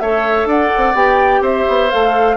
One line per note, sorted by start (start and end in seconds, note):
0.00 0.46 A3
0.00 0.95 A4
0.00 0.49 C#5
0.00 0.48 E5
0.46 0.70 D4
0.46 1.42 D5
0.46 0.96 F#5
0.77 0.94 C4
0.94 1.41 B3
0.94 1.91 G4
0.94 1.44 G5
1.41 1.65 C4
1.41 2.37 C5
1.41 1.91 E5
1.68 1.92 B3
1.91 2.37 A3
1.91 2.37 A4
1.91 2.37 F5